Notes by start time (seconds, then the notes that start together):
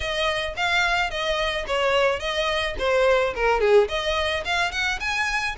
0.00 D#5
0.56 F5
1.10 D#5
1.66 C#5
2.19 D#5
2.78 C5
3.35 A#4
3.60 G#4
3.88 D#5
4.44 F5
4.71 F#5
5.00 G#5